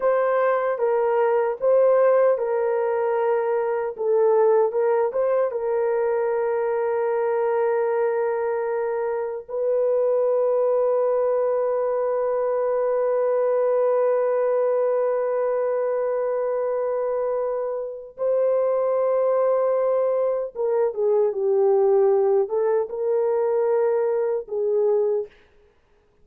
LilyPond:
\new Staff \with { instrumentName = "horn" } { \time 4/4 \tempo 4 = 76 c''4 ais'4 c''4 ais'4~ | ais'4 a'4 ais'8 c''8 ais'4~ | ais'1 | b'1~ |
b'1~ | b'2. c''4~ | c''2 ais'8 gis'8 g'4~ | g'8 a'8 ais'2 gis'4 | }